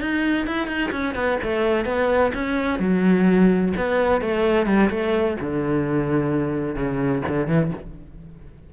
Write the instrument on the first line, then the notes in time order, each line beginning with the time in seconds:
cello
0.00 D#4
0.47 E4
0.67 D#4
0.91 C#4
1.15 B3
1.43 A3
1.85 B3
2.34 C#4
2.79 F#3
3.76 B3
4.21 A3
4.66 G3
4.90 A3
5.40 D3
6.75 C#3
7.28 D3
7.47 E3